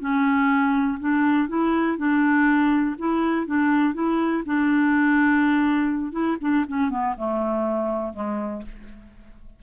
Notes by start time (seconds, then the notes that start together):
0.00 C#4
0.99 D4
1.48 E4
1.97 D4
2.98 E4
3.46 D4
3.94 E4
4.46 D4
6.12 E4
6.41 D4
6.68 C#4
6.90 B3
7.17 A3
8.13 G#3